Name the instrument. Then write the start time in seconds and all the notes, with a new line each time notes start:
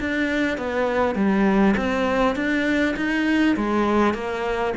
cello
0.00 D4
0.58 B3
1.15 G3
1.77 C4
2.35 D4
2.96 D#4
3.56 G#3
4.14 A#3